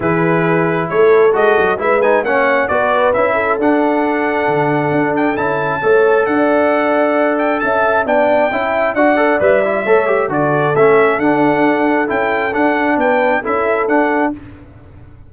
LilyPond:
<<
  \new Staff \with { instrumentName = "trumpet" } { \time 4/4 \tempo 4 = 134 b'2 cis''4 dis''4 | e''8 gis''8 fis''4 d''4 e''4 | fis''2.~ fis''8 g''8 | a''2 fis''2~ |
fis''8 g''8 a''4 g''2 | fis''4 e''2 d''4 | e''4 fis''2 g''4 | fis''4 g''4 e''4 fis''4 | }
  \new Staff \with { instrumentName = "horn" } { \time 4/4 gis'2 a'2 | b'4 cis''4 b'4. a'8~ | a'1~ | a'4 cis''4 d''2~ |
d''4 e''4 d''4 e''4 | d''2 cis''4 a'4~ | a'1~ | a'4 b'4 a'2 | }
  \new Staff \with { instrumentName = "trombone" } { \time 4/4 e'2. fis'4 | e'8 dis'8 cis'4 fis'4 e'4 | d'1 | e'4 a'2.~ |
a'2 d'4 e'4 | fis'8 a'8 b'8 e'8 a'8 g'8 fis'4 | cis'4 d'2 e'4 | d'2 e'4 d'4 | }
  \new Staff \with { instrumentName = "tuba" } { \time 4/4 e2 a4 gis8 fis8 | gis4 ais4 b4 cis'4 | d'2 d4 d'4 | cis'4 a4 d'2~ |
d'4 cis'4 b4 cis'4 | d'4 g4 a4 d4 | a4 d'2 cis'4 | d'4 b4 cis'4 d'4 | }
>>